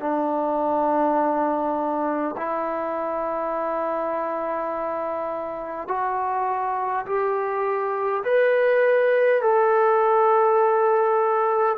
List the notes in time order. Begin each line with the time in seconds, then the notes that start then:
0.00 D4
2.37 E4
5.88 F#4
7.06 G4
8.24 B4
9.42 A4